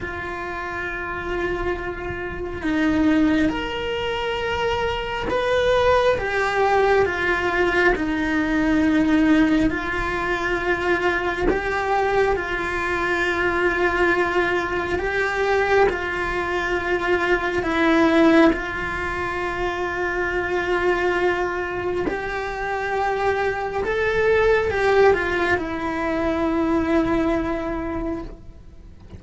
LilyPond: \new Staff \with { instrumentName = "cello" } { \time 4/4 \tempo 4 = 68 f'2. dis'4 | ais'2 b'4 g'4 | f'4 dis'2 f'4~ | f'4 g'4 f'2~ |
f'4 g'4 f'2 | e'4 f'2.~ | f'4 g'2 a'4 | g'8 f'8 e'2. | }